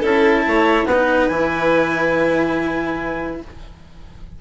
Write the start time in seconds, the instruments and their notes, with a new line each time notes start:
0.00 bassoon C#4, cello E4, violin A4, clarinet A5
0.47 bassoon A3, violin C#5
0.85 bassoon B3, violin B4, clarinet F#5
0.92 cello D#4
1.28 bassoon E3, cello E4, clarinet G#5